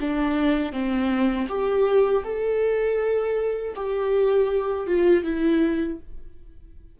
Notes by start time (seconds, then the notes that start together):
0.00 D4
0.72 C4
1.48 G4
2.24 A4
3.75 G4
4.87 F4
5.24 E4